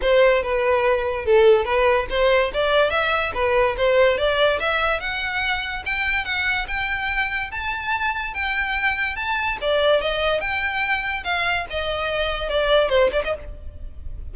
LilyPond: \new Staff \with { instrumentName = "violin" } { \time 4/4 \tempo 4 = 144 c''4 b'2 a'4 | b'4 c''4 d''4 e''4 | b'4 c''4 d''4 e''4 | fis''2 g''4 fis''4 |
g''2 a''2 | g''2 a''4 d''4 | dis''4 g''2 f''4 | dis''2 d''4 c''8 d''16 dis''16 | }